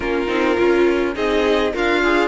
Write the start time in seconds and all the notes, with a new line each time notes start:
0.00 A#3 C#4 F4 A#4
0.27 C4 D#4
0.58 C#4 F4
1.14 C4 D#4 G#4 D#5
1.73 D4 F4 A#4 F5
2.03 G#4